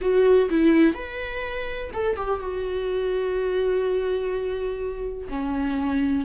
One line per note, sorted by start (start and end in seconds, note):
0.01 0.49 F#4
0.50 0.94 E4
0.94 1.90 B4
1.93 2.16 A4
2.16 2.40 G4
2.40 5.28 F#4
5.29 6.25 C#4